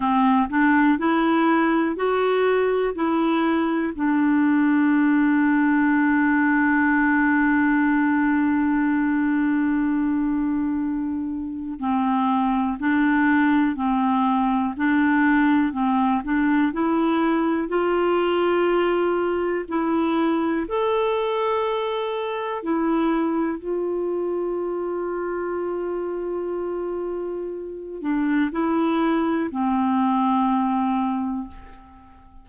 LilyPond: \new Staff \with { instrumentName = "clarinet" } { \time 4/4 \tempo 4 = 61 c'8 d'8 e'4 fis'4 e'4 | d'1~ | d'1 | c'4 d'4 c'4 d'4 |
c'8 d'8 e'4 f'2 | e'4 a'2 e'4 | f'1~ | f'8 d'8 e'4 c'2 | }